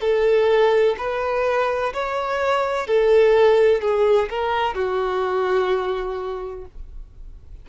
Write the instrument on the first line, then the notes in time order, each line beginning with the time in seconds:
violin
0.00 A4
0.97 B4
1.93 C#5
2.87 A4
3.81 G#4
4.29 A#4
4.74 F#4